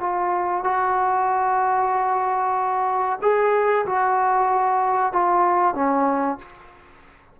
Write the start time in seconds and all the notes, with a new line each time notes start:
0.00 F4
0.64 F#4
3.22 G#4
3.86 F#4
5.12 F4
5.75 C#4